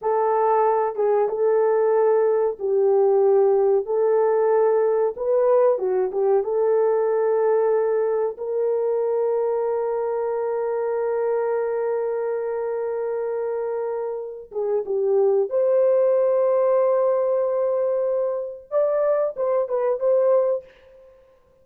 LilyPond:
\new Staff \with { instrumentName = "horn" } { \time 4/4 \tempo 4 = 93 a'4. gis'8 a'2 | g'2 a'2 | b'4 fis'8 g'8 a'2~ | a'4 ais'2.~ |
ais'1~ | ais'2~ ais'8 gis'8 g'4 | c''1~ | c''4 d''4 c''8 b'8 c''4 | }